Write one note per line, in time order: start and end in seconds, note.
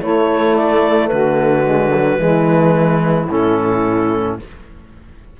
0.00 1.10 A3
0.00 1.64 A3
0.00 1.09 E4
0.00 0.55 C#5
0.55 1.07 D5
1.07 2.19 D3
1.07 2.20 F#4
1.07 3.25 B4
1.64 1.91 G#3
1.93 2.18 F#3
2.18 3.28 E3
2.18 3.27 G#3
2.18 4.38 E4
3.29 4.38 A2
3.29 4.39 C#4
3.29 4.39 A4